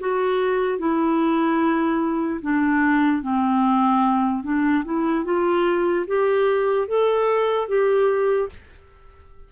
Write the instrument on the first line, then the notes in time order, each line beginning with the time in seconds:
clarinet
0.00 F#4
0.79 E4
2.41 D4
3.22 C4
4.44 D4
4.85 E4
5.25 F4
6.07 G4
6.88 A4
7.68 G4